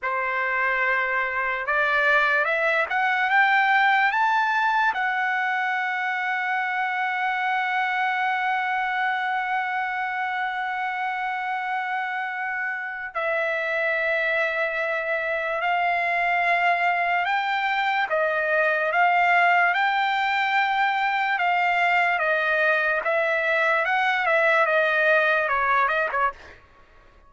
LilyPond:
\new Staff \with { instrumentName = "trumpet" } { \time 4/4 \tempo 4 = 73 c''2 d''4 e''8 fis''8 | g''4 a''4 fis''2~ | fis''1~ | fis''1 |
e''2. f''4~ | f''4 g''4 dis''4 f''4 | g''2 f''4 dis''4 | e''4 fis''8 e''8 dis''4 cis''8 dis''16 cis''16 | }